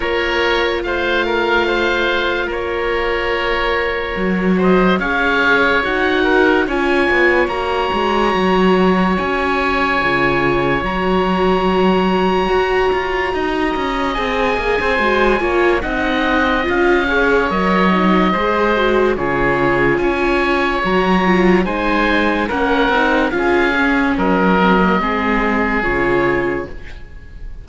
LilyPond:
<<
  \new Staff \with { instrumentName = "oboe" } { \time 4/4 \tempo 4 = 72 cis''4 f''2 cis''4~ | cis''4. dis''8 f''4 fis''4 | gis''4 ais''2 gis''4~ | gis''4 ais''2.~ |
ais''4 gis''2 fis''4 | f''4 dis''2 cis''4 | gis''4 ais''4 gis''4 fis''4 | f''4 dis''2 cis''4 | }
  \new Staff \with { instrumentName = "oboe" } { \time 4/4 ais'4 c''8 ais'8 c''4 ais'4~ | ais'4. c''8 cis''4. ais'8 | cis''1~ | cis''1 |
dis''4.~ dis''16 c''8. cis''8 dis''4~ | dis''8 cis''4. c''4 gis'4 | cis''2 c''4 ais'4 | gis'4 ais'4 gis'2 | }
  \new Staff \with { instrumentName = "viola" } { \time 4/4 f'1~ | f'4 fis'4 gis'4 fis'4 | f'4 fis'2. | f'4 fis'2.~ |
fis'4 gis'4 fis'8 f'8 dis'4 | f'8 gis'8 ais'8 dis'8 gis'8 fis'8 f'4~ | f'4 fis'8 f'8 dis'4 cis'8 dis'8 | f'8 cis'4 c'16 ais16 c'4 f'4 | }
  \new Staff \with { instrumentName = "cello" } { \time 4/4 ais4 a2 ais4~ | ais4 fis4 cis'4 dis'4 | cis'8 b8 ais8 gis8 fis4 cis'4 | cis4 fis2 fis'8 f'8 |
dis'8 cis'8 c'8 ais16 c'16 gis8 ais8 c'4 | cis'4 fis4 gis4 cis4 | cis'4 fis4 gis4 ais8 c'8 | cis'4 fis4 gis4 cis4 | }
>>